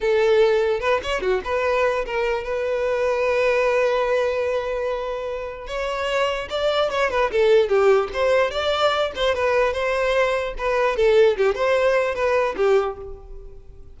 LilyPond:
\new Staff \with { instrumentName = "violin" } { \time 4/4 \tempo 4 = 148 a'2 b'8 cis''8 fis'8 b'8~ | b'4 ais'4 b'2~ | b'1~ | b'2 cis''2 |
d''4 cis''8 b'8 a'4 g'4 | c''4 d''4. c''8 b'4 | c''2 b'4 a'4 | g'8 c''4. b'4 g'4 | }